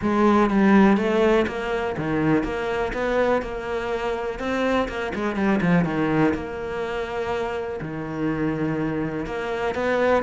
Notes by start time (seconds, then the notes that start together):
0.01 G#3
0.50 G3
0.97 A3
1.47 A#3
1.97 D#3
2.43 A#3
2.93 B3
3.42 A#3
4.39 C4
4.88 A#3
5.14 G#3
5.35 G3
5.61 F3
5.84 D#3
6.33 A#3
7.81 D#3
9.25 A#3
9.74 B3